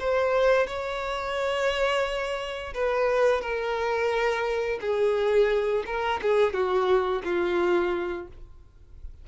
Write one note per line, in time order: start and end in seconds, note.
0.00 0.67 C5
0.67 2.74 C#5
2.75 3.41 B4
3.41 4.79 A#4
4.81 5.84 G#4
5.86 6.21 A#4
6.22 6.54 G#4
6.54 7.23 F#4
7.24 8.28 F4